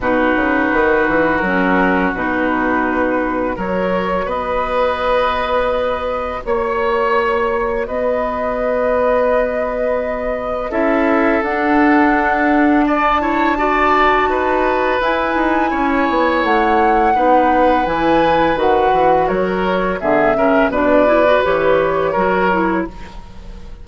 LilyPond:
<<
  \new Staff \with { instrumentName = "flute" } { \time 4/4 \tempo 4 = 84 b'2 ais'4 b'4~ | b'4 cis''4 dis''2~ | dis''4 cis''2 dis''4~ | dis''2. e''4 |
fis''2 a''2~ | a''4 gis''2 fis''4~ | fis''4 gis''4 fis''4 cis''4 | e''4 d''4 cis''2 | }
  \new Staff \with { instrumentName = "oboe" } { \time 4/4 fis'1~ | fis'4 ais'4 b'2~ | b'4 cis''2 b'4~ | b'2. a'4~ |
a'2 d''8 cis''8 d''4 | b'2 cis''2 | b'2. ais'4 | gis'8 ais'8 b'2 ais'4 | }
  \new Staff \with { instrumentName = "clarinet" } { \time 4/4 dis'2 cis'4 dis'4~ | dis'4 fis'2.~ | fis'1~ | fis'2. e'4 |
d'2~ d'8 e'8 fis'4~ | fis'4 e'2. | dis'4 e'4 fis'2 | b8 cis'8 d'8 e'16 fis'16 g'4 fis'8 e'8 | }
  \new Staff \with { instrumentName = "bassoon" } { \time 4/4 b,8 cis8 dis8 e8 fis4 b,4~ | b,4 fis4 b2~ | b4 ais2 b4~ | b2. cis'4 |
d'1 | dis'4 e'8 dis'8 cis'8 b8 a4 | b4 e4 dis8 e8 fis4 | d8 cis8 b,4 e4 fis4 | }
>>